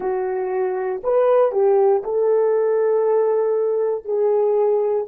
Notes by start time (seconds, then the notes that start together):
0.00 F#4
1.04 B4
1.52 G4
2.03 A4
4.04 G#4